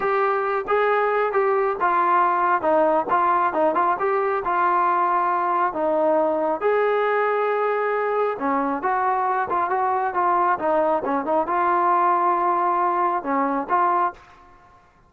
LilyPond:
\new Staff \with { instrumentName = "trombone" } { \time 4/4 \tempo 4 = 136 g'4. gis'4. g'4 | f'2 dis'4 f'4 | dis'8 f'8 g'4 f'2~ | f'4 dis'2 gis'4~ |
gis'2. cis'4 | fis'4. f'8 fis'4 f'4 | dis'4 cis'8 dis'8 f'2~ | f'2 cis'4 f'4 | }